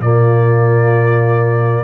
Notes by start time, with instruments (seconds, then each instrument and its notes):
0.00 tuba A#2, trombone A#3, horn F4, trumpet D5